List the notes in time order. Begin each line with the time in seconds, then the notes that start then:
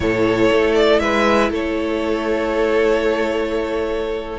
0.00 A2 E4 A4 C#5
0.52 A3
0.74 D5
0.99 G#3 B4 E5
1.49 A3 A4 C#5